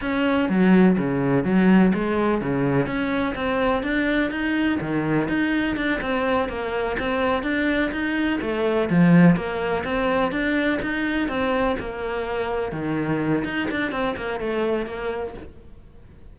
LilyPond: \new Staff \with { instrumentName = "cello" } { \time 4/4 \tempo 4 = 125 cis'4 fis4 cis4 fis4 | gis4 cis4 cis'4 c'4 | d'4 dis'4 dis4 dis'4 | d'8 c'4 ais4 c'4 d'8~ |
d'8 dis'4 a4 f4 ais8~ | ais8 c'4 d'4 dis'4 c'8~ | c'8 ais2 dis4. | dis'8 d'8 c'8 ais8 a4 ais4 | }